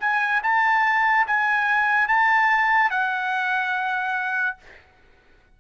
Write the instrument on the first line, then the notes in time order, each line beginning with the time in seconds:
trumpet
0.00 G#5
0.43 A5
1.27 G#5
2.08 A5
2.90 F#5